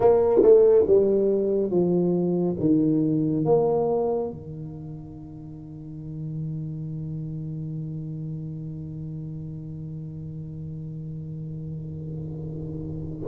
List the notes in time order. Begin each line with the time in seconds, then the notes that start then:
0.00 A#3
0.42 A3
0.86 G3
1.70 F3
2.59 D#3
3.44 A#3
4.30 D#3